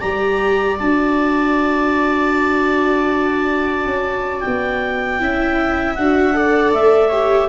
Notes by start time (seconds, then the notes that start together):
0.00 G3 G4 D5 A#5
0.78 D4 F#4 A5
3.85 C#4
4.40 G5
4.46 B3
5.19 C#4 E4 E5
5.94 D4 F#4 F#5
6.33 A4 D5
6.73 A3 E5
7.08 G4 C#5